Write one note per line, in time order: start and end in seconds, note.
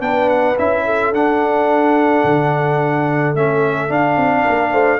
0.00 0.56 B3
0.00 0.56 D4
0.00 0.86 B4
0.00 0.29 G5
0.29 0.57 F#5
0.58 1.12 C#4
0.58 1.14 E4
0.58 1.14 E5
0.86 4.44 A4
1.12 2.24 D4
1.12 3.36 D4
1.12 3.36 F#5
2.24 3.35 D3
3.35 3.90 A3
3.35 3.89 C#4
3.35 3.92 E5
3.89 5.00 D4
3.89 4.17 D4
3.89 5.00 F5
4.17 4.45 C4
4.44 4.73 A#3
4.44 4.72 A#4
4.73 5.00 A3
4.73 5.00 C5